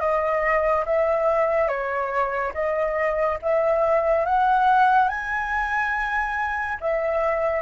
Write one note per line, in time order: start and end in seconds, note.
0.00 0.85 D#5
0.86 1.68 E5
1.68 2.52 C#5
2.54 3.39 D#5
3.42 4.26 E5
4.26 5.09 F#5
5.09 6.78 G#5
6.80 7.62 E5